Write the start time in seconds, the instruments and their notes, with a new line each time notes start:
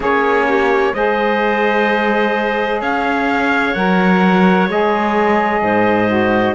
0.00 cello A#3, saxophone C#4, clarinet G#4, trumpet C#5
0.47 clarinet G4
0.93 cello G#3, saxophone G#4, clarinet C5, trumpet D#5
2.80 cello C#4, clarinet C#5, trumpet F5
3.74 cello F#3, saxophone A#4, trumpet F#5
4.68 cello G#3, saxophone G#4, trumpet D#5
5.62 cello G#2, clarinet C5
6.07 saxophone F#4